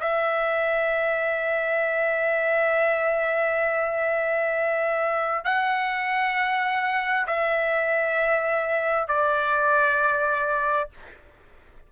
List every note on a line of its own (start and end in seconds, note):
0.00 5.45 E5
5.45 7.26 F#5
7.27 9.08 E5
9.08 10.90 D5